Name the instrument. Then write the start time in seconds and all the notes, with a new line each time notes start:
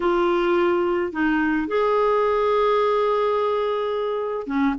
clarinet
0.00 F4
1.12 D#4
1.67 G#4
4.47 C#4